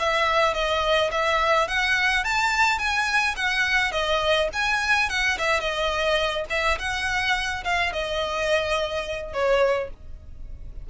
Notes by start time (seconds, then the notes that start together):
0.00 E5
0.54 D#5
1.12 E5
1.68 F#5
2.25 A5
2.79 G#5
3.36 F#5
3.92 D#5
4.53 G#5
5.10 F#5
5.39 E5
5.60 D#5
6.50 E5
6.79 F#5
7.64 F5
7.93 D#5
9.34 C#5